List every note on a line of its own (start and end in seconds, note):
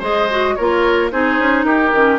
0.00 0.56 G#3
0.00 0.29 G#4
0.00 0.55 C5
0.00 0.55 D#5
0.31 0.58 F#4
0.55 1.13 A#3
0.55 1.12 F4
0.55 1.12 A#4
0.55 1.10 C#5
1.12 1.39 C4
1.12 1.94 D#4
1.12 1.66 G#4
1.12 1.64 C5
1.39 1.65 C#4
1.64 1.92 D#4
1.64 2.20 G4
1.64 2.19 A#4
1.93 2.20 D#3
1.93 2.20 C#4